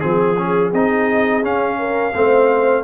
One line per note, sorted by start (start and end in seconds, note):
0.00 0.73 F3
0.00 0.36 C4
0.00 0.71 G#4
0.00 1.79 G#4
0.37 0.73 C#4
0.73 1.43 C4
0.73 1.42 D#4
0.73 1.44 D#5
1.42 2.13 C#4
1.42 2.14 C#4
1.42 2.84 F5
1.79 2.14 A#4
2.14 2.84 A3
2.14 2.84 C4
2.14 2.84 C5